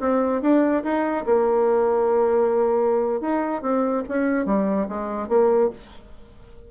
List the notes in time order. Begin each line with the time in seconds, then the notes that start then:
0.00 C4
0.42 D4
0.83 D#4
1.26 A#3
3.21 D#4
3.62 C4
4.08 C#4
4.46 G3
4.88 G#3
5.29 A#3